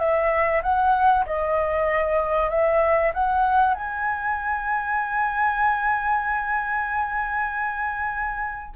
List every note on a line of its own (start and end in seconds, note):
0.00 0.62 E5
0.63 1.26 F#5
1.26 2.50 D#5
2.50 3.13 E5
3.14 3.75 F#5
3.75 8.75 G#5